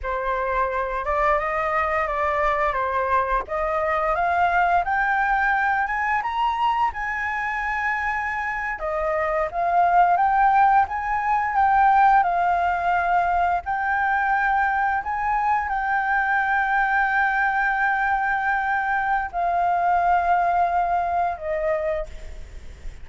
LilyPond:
\new Staff \with { instrumentName = "flute" } { \time 4/4 \tempo 4 = 87 c''4. d''8 dis''4 d''4 | c''4 dis''4 f''4 g''4~ | g''8 gis''8 ais''4 gis''2~ | gis''8. dis''4 f''4 g''4 gis''16~ |
gis''8. g''4 f''2 g''16~ | g''4.~ g''16 gis''4 g''4~ g''16~ | g''1 | f''2. dis''4 | }